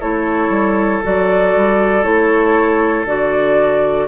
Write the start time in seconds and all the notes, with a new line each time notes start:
0.00 A3 E4 A4 C#5
0.49 G3
1.03 F#3 F#4 D5
1.56 G3
2.03 A3 E4 C#5
3.05 D3 F#4 D5